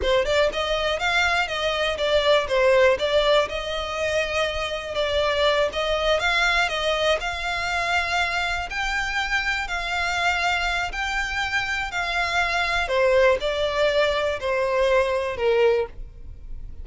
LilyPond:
\new Staff \with { instrumentName = "violin" } { \time 4/4 \tempo 4 = 121 c''8 d''8 dis''4 f''4 dis''4 | d''4 c''4 d''4 dis''4~ | dis''2 d''4. dis''8~ | dis''8 f''4 dis''4 f''4.~ |
f''4. g''2 f''8~ | f''2 g''2 | f''2 c''4 d''4~ | d''4 c''2 ais'4 | }